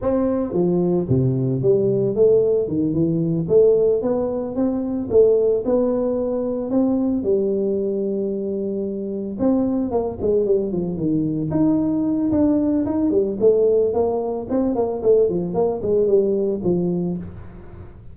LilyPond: \new Staff \with { instrumentName = "tuba" } { \time 4/4 \tempo 4 = 112 c'4 f4 c4 g4 | a4 dis8 e4 a4 b8~ | b8 c'4 a4 b4.~ | b8 c'4 g2~ g8~ |
g4. c'4 ais8 gis8 g8 | f8 dis4 dis'4. d'4 | dis'8 g8 a4 ais4 c'8 ais8 | a8 f8 ais8 gis8 g4 f4 | }